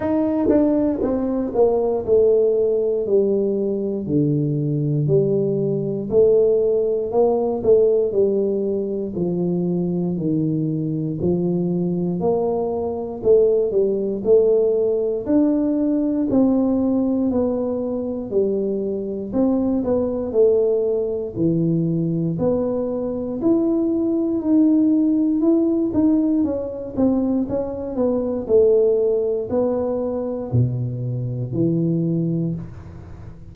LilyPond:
\new Staff \with { instrumentName = "tuba" } { \time 4/4 \tempo 4 = 59 dis'8 d'8 c'8 ais8 a4 g4 | d4 g4 a4 ais8 a8 | g4 f4 dis4 f4 | ais4 a8 g8 a4 d'4 |
c'4 b4 g4 c'8 b8 | a4 e4 b4 e'4 | dis'4 e'8 dis'8 cis'8 c'8 cis'8 b8 | a4 b4 b,4 e4 | }